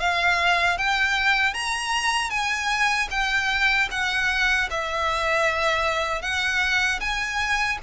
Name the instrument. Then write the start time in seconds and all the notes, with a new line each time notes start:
violin
0.00 F5
0.78 G5
1.54 A#5
2.30 G#5
3.11 G5
3.91 F#5
4.70 E5
6.22 F#5
7.01 G#5